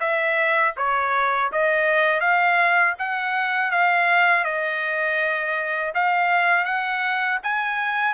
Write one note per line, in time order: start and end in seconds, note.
0.00 0.74 E5
0.77 1.51 C#5
1.52 2.20 D#5
2.20 2.94 F5
2.99 3.71 F#5
3.71 4.45 F5
4.45 5.93 D#5
5.95 6.65 F5
6.65 7.39 F#5
7.43 8.14 G#5